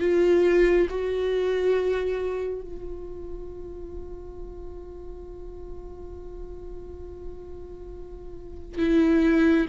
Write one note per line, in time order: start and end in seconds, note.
0.00 0.88 F4
0.90 2.62 F#4
2.62 8.78 F4
8.78 9.67 E4